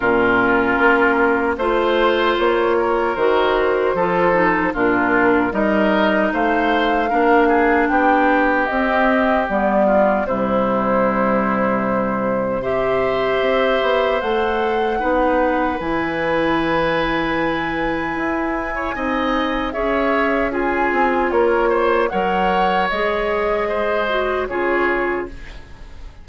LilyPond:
<<
  \new Staff \with { instrumentName = "flute" } { \time 4/4 \tempo 4 = 76 ais'2 c''4 cis''4 | c''2 ais'4 dis''4 | f''2 g''4 dis''4 | d''4 c''2. |
e''2 fis''2 | gis''1~ | gis''4 e''4 gis''4 cis''4 | fis''4 dis''2 cis''4 | }
  \new Staff \with { instrumentName = "oboe" } { \time 4/4 f'2 c''4. ais'8~ | ais'4 a'4 f'4 ais'4 | c''4 ais'8 gis'8 g'2~ | g'8 f'8 e'2. |
c''2. b'4~ | b'2.~ b'8. cis''16 | dis''4 cis''4 gis'4 ais'8 c''8 | cis''2 c''4 gis'4 | }
  \new Staff \with { instrumentName = "clarinet" } { \time 4/4 cis'2 f'2 | fis'4 f'8 dis'8 d'4 dis'4~ | dis'4 d'2 c'4 | b4 g2. |
g'2 a'4 dis'4 | e'1 | dis'4 gis'4 f'2 | ais'4 gis'4. fis'8 f'4 | }
  \new Staff \with { instrumentName = "bassoon" } { \time 4/4 ais,4 ais4 a4 ais4 | dis4 f4 ais,4 g4 | a4 ais4 b4 c'4 | g4 c2.~ |
c4 c'8 b8 a4 b4 | e2. e'4 | c'4 cis'4. c'8 ais4 | fis4 gis2 cis4 | }
>>